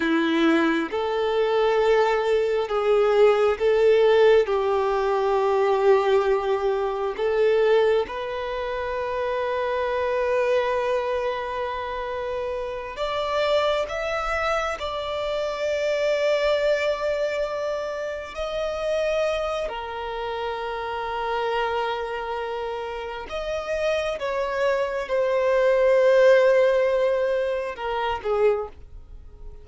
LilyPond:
\new Staff \with { instrumentName = "violin" } { \time 4/4 \tempo 4 = 67 e'4 a'2 gis'4 | a'4 g'2. | a'4 b'2.~ | b'2~ b'8 d''4 e''8~ |
e''8 d''2.~ d''8~ | d''8 dis''4. ais'2~ | ais'2 dis''4 cis''4 | c''2. ais'8 gis'8 | }